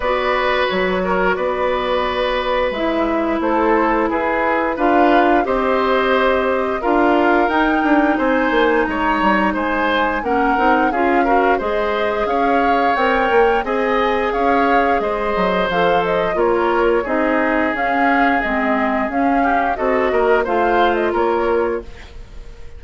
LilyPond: <<
  \new Staff \with { instrumentName = "flute" } { \time 4/4 \tempo 4 = 88 d''4 cis''4 d''2 | e''4 c''4 b'4 f''4 | dis''2 f''4 g''4 | gis''4 ais''4 gis''4 fis''4 |
f''4 dis''4 f''4 g''4 | gis''4 f''4 dis''4 f''8 dis''8 | cis''4 dis''4 f''4 dis''4 | f''4 dis''4 f''8. dis''16 cis''4 | }
  \new Staff \with { instrumentName = "oboe" } { \time 4/4 b'4. ais'8 b'2~ | b'4 a'4 gis'4 b'4 | c''2 ais'2 | c''4 cis''4 c''4 ais'4 |
gis'8 ais'8 c''4 cis''2 | dis''4 cis''4 c''2 | ais'4 gis'2.~ | gis'8 g'8 a'8 ais'8 c''4 ais'4 | }
  \new Staff \with { instrumentName = "clarinet" } { \time 4/4 fis'1 | e'2. f'4 | g'2 f'4 dis'4~ | dis'2. cis'8 dis'8 |
f'8 fis'8 gis'2 ais'4 | gis'2. a'4 | f'4 dis'4 cis'4 c'4 | cis'4 fis'4 f'2 | }
  \new Staff \with { instrumentName = "bassoon" } { \time 4/4 b4 fis4 b2 | gis4 a4 e'4 d'4 | c'2 d'4 dis'8 d'8 | c'8 ais8 gis8 g8 gis4 ais8 c'8 |
cis'4 gis4 cis'4 c'8 ais8 | c'4 cis'4 gis8 fis8 f4 | ais4 c'4 cis'4 gis4 | cis'4 c'8 ais8 a4 ais4 | }
>>